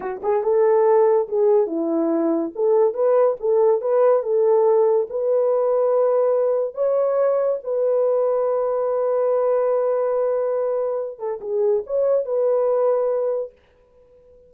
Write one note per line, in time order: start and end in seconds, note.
0.00 0.21 F#4
0.22 0.43 G#4
0.43 1.28 A4
1.28 1.67 G#4
1.67 2.51 E4
2.55 2.94 A4
2.94 3.36 B4
3.40 3.81 A4
3.81 4.23 B4
4.23 5.07 A4
5.09 6.74 B4
6.74 7.58 C#5
7.63 11.18 B4
11.18 11.40 A4
11.40 11.83 G#4
11.86 12.25 C#5
12.25 13.52 B4